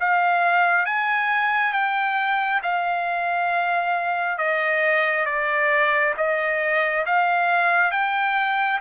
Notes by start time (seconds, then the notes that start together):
0.00 F5
0.85 G#5
1.72 G5
2.62 F5
4.38 D#5
5.25 D5
6.17 D#5
7.05 F5
7.91 G5